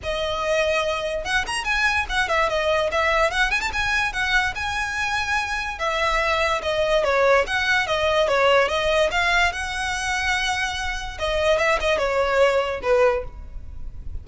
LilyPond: \new Staff \with { instrumentName = "violin" } { \time 4/4 \tempo 4 = 145 dis''2. fis''8 ais''8 | gis''4 fis''8 e''8 dis''4 e''4 | fis''8 gis''16 a''16 gis''4 fis''4 gis''4~ | gis''2 e''2 |
dis''4 cis''4 fis''4 dis''4 | cis''4 dis''4 f''4 fis''4~ | fis''2. dis''4 | e''8 dis''8 cis''2 b'4 | }